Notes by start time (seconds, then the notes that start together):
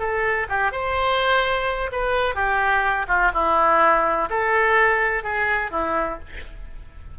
0.00 A4
0.50 G4
0.72 C5
1.92 B4
2.35 G4
3.08 F4
3.34 E4
4.30 A4
5.24 G#4
5.72 E4